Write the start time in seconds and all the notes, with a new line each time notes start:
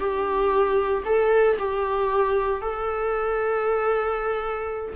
0.00 G4
1.06 A4
1.59 G4
2.62 A4